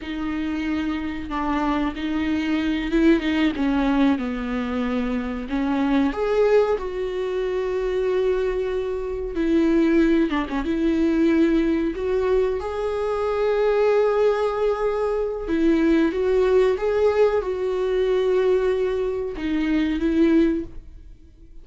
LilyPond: \new Staff \with { instrumentName = "viola" } { \time 4/4 \tempo 4 = 93 dis'2 d'4 dis'4~ | dis'8 e'8 dis'8 cis'4 b4.~ | b8 cis'4 gis'4 fis'4.~ | fis'2~ fis'8 e'4. |
d'16 cis'16 e'2 fis'4 gis'8~ | gis'1 | e'4 fis'4 gis'4 fis'4~ | fis'2 dis'4 e'4 | }